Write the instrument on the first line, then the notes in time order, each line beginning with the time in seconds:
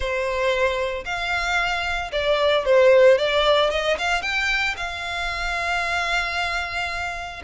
violin
0.00 C5
1.05 F5
2.12 D5
2.65 C5
3.17 D5
3.70 D#5
3.98 F5
4.22 G5
4.76 F5